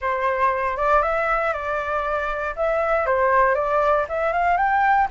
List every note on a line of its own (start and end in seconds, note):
0.01 0.77 C5
0.77 1.02 D5
1.02 1.53 E5
1.53 2.54 D5
2.55 3.05 E5
3.05 3.54 C5
3.54 4.05 D5
4.08 4.32 E5
4.32 4.57 F5
4.57 5.08 G5